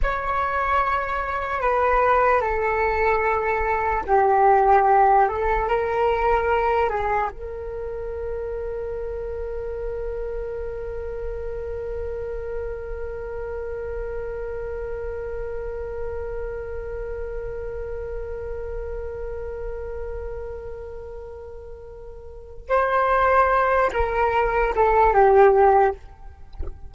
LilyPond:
\new Staff \with { instrumentName = "flute" } { \time 4/4 \tempo 4 = 74 cis''2 b'4 a'4~ | a'4 g'4. a'8 ais'4~ | ais'8 gis'8 ais'2.~ | ais'1~ |
ais'1~ | ais'1~ | ais'1 | c''4. ais'4 a'8 g'4 | }